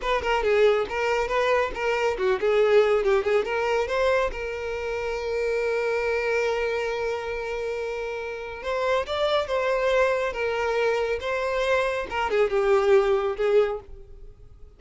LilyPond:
\new Staff \with { instrumentName = "violin" } { \time 4/4 \tempo 4 = 139 b'8 ais'8 gis'4 ais'4 b'4 | ais'4 fis'8 gis'4. g'8 gis'8 | ais'4 c''4 ais'2~ | ais'1~ |
ais'1 | c''4 d''4 c''2 | ais'2 c''2 | ais'8 gis'8 g'2 gis'4 | }